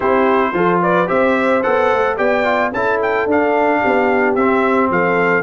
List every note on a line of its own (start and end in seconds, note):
0.00 0.53 C4
0.00 0.53 E4
0.00 0.51 G4
0.00 0.80 C5
0.53 1.07 F3
0.53 1.06 F4
0.53 0.81 A4
0.81 1.08 B4
0.81 1.08 D5
1.06 1.64 C4
1.06 1.61 G4
1.06 2.17 C5
1.06 1.62 E5
1.62 1.92 B3
1.62 2.17 A4
1.62 2.17 F#5
1.92 2.18 A3
2.17 2.72 B3
2.17 2.44 G4
2.17 2.72 D5
2.17 2.72 G5
2.44 2.71 F4
2.72 3.25 C#4
2.72 3.29 E4
2.72 3.80 A4
2.72 3.00 A5
3.02 3.29 G5
3.25 3.80 D4
3.25 4.38 D4
3.25 4.35 F5
3.80 4.35 B3
3.80 4.89 G4
4.35 4.90 C4
4.35 5.43 C4
4.35 4.89 E5
4.90 5.43 F3
4.90 5.43 A4
4.90 5.43 F5